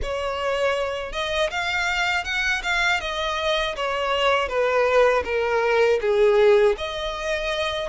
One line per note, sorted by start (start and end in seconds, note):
0.02 1.12 C#5
1.12 1.50 D#5
1.50 2.24 F5
2.24 2.61 F#5
2.62 3.00 F5
3.00 3.75 D#5
3.76 4.48 C#5
4.48 5.23 B4
5.24 5.99 A#4
6.01 6.76 G#4
6.77 7.88 D#5